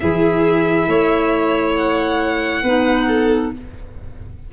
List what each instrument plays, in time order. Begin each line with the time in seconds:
0.00 tuba E3, clarinet E4, violin G#4 E5
0.88 tuba A3, violin C#5
1.76 violin F#5
2.62 tuba B3, clarinet D#4, violin B4
3.08 violin A4